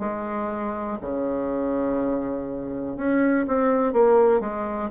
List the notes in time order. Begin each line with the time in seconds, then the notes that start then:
0.00 G#3
1.02 C#3
2.97 C#4
3.48 C4
3.93 A#3
4.41 G#3